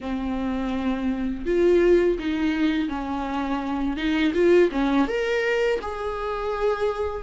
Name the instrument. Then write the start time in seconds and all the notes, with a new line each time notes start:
viola
0.00 C4
1.45 F4
2.18 D#4
2.88 C#4
3.96 D#4
4.33 F4
4.71 C#4
5.07 A#4
5.81 G#4